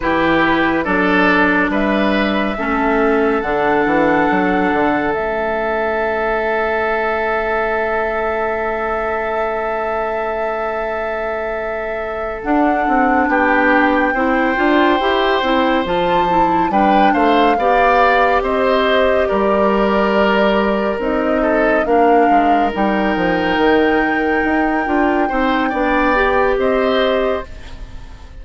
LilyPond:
<<
  \new Staff \with { instrumentName = "flute" } { \time 4/4 \tempo 4 = 70 b'4 d''4 e''2 | fis''2 e''2~ | e''1~ | e''2~ e''8 fis''4 g''8~ |
g''2~ g''8 a''4 g''8 | f''4. dis''4 d''4.~ | d''8 dis''4 f''4 g''4.~ | g''2. dis''4 | }
  \new Staff \with { instrumentName = "oboe" } { \time 4/4 g'4 a'4 b'4 a'4~ | a'1~ | a'1~ | a'2.~ a'8 g'8~ |
g'8 c''2. b'8 | c''8 d''4 c''4 ais'4.~ | ais'4 a'8 ais'2~ ais'8~ | ais'4. c''8 d''4 c''4 | }
  \new Staff \with { instrumentName = "clarinet" } { \time 4/4 e'4 d'2 cis'4 | d'2 cis'2~ | cis'1~ | cis'2~ cis'8 d'4.~ |
d'8 e'8 f'8 g'8 e'8 f'8 e'8 d'8~ | d'8 g'2.~ g'8~ | g'8 dis'4 d'4 dis'4.~ | dis'4 f'8 dis'8 d'8 g'4. | }
  \new Staff \with { instrumentName = "bassoon" } { \time 4/4 e4 fis4 g4 a4 | d8 e8 fis8 d8 a2~ | a1~ | a2~ a8 d'8 c'8 b8~ |
b8 c'8 d'8 e'8 c'8 f4 g8 | a8 b4 c'4 g4.~ | g8 c'4 ais8 gis8 g8 f8 dis8~ | dis8 dis'8 d'8 c'8 b4 c'4 | }
>>